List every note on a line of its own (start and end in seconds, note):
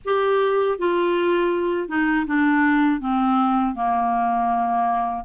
0.04 0.78 G4
0.78 1.88 F4
1.88 2.25 D#4
2.26 3.00 D4
3.00 3.75 C4
3.75 5.25 A#3